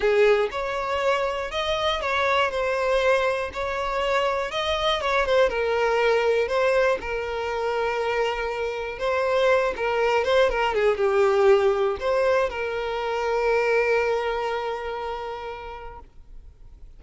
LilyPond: \new Staff \with { instrumentName = "violin" } { \time 4/4 \tempo 4 = 120 gis'4 cis''2 dis''4 | cis''4 c''2 cis''4~ | cis''4 dis''4 cis''8 c''8 ais'4~ | ais'4 c''4 ais'2~ |
ais'2 c''4. ais'8~ | ais'8 c''8 ais'8 gis'8 g'2 | c''4 ais'2.~ | ais'1 | }